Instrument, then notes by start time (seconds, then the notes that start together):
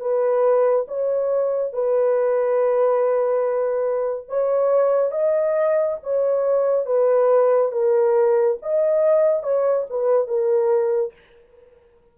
horn
0.00 B4
0.88 C#5
1.73 B4
4.29 C#5
5.12 D#5
6.03 C#5
6.86 B4
7.72 A#4
8.62 D#5
9.43 C#5
9.90 B4
10.27 A#4